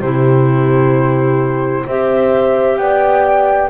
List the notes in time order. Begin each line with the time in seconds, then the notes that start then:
0.00 C3 E4 G4 C5
1.85 C4 G4 C5 E5
2.77 B3 D5 G5